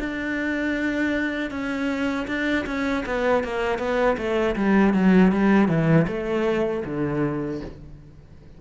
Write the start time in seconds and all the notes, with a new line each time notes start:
0.00 D4
1.51 C#4
2.28 D4
2.67 C#4
3.07 B3
3.44 A#3
3.79 B3
4.18 A3
4.56 G3
4.94 F#3
5.32 G3
5.69 E3
6.08 A3
6.86 D3